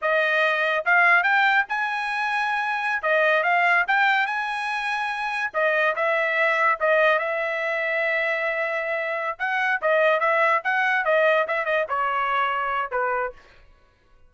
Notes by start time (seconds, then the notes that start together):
0.01 D#5
0.85 F5
1.23 G5
1.69 G#5
3.02 D#5
3.43 F5
3.87 G5
4.26 G#5
5.53 D#5
5.95 E5
6.79 D#5
7.18 E5
9.38 F#5
9.81 D#5
10.20 E5
10.64 F#5
11.04 D#5
11.47 E5
11.65 D#5
11.88 C#5
12.91 B4